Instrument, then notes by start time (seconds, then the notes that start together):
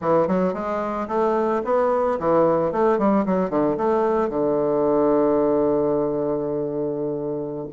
bassoon
0.01 E3
0.27 F#3
0.53 G#3
1.08 A3
1.64 B3
2.19 E3
2.71 A3
2.98 G3
3.25 F#3
3.50 D3
3.77 A3
4.29 D3